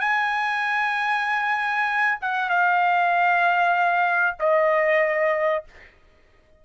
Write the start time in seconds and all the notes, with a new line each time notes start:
0.00 G#5
2.21 F#5
2.49 F5
4.39 D#5